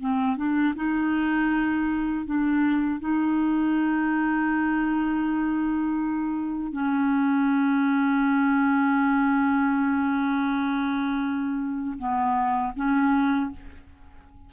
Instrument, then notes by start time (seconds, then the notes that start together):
clarinet
0.00 C4
0.36 D4
0.75 D#4
2.25 D4
3.00 D#4
6.72 C#4
11.98 B3
12.76 C#4